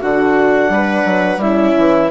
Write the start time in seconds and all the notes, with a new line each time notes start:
0.00 D3 D4 F#4 F#5
0.69 G3 B4
1.05 F#3
1.37 G3 C#4 E4 E5
1.77 E3